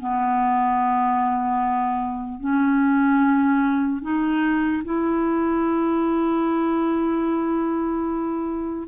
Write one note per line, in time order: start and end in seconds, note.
0.00 2.41 B3
2.41 4.02 C#4
4.02 4.83 D#4
4.85 8.88 E4